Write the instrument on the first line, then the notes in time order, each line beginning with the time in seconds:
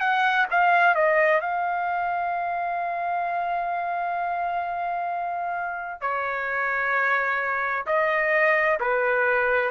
trumpet
0.00 F#5
0.51 F5
0.95 D#5
1.41 F5
6.01 C#5
7.86 D#5
8.80 B4